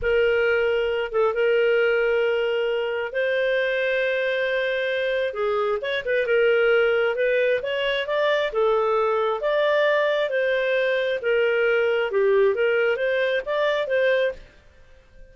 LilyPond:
\new Staff \with { instrumentName = "clarinet" } { \time 4/4 \tempo 4 = 134 ais'2~ ais'8 a'8 ais'4~ | ais'2. c''4~ | c''1 | gis'4 cis''8 b'8 ais'2 |
b'4 cis''4 d''4 a'4~ | a'4 d''2 c''4~ | c''4 ais'2 g'4 | ais'4 c''4 d''4 c''4 | }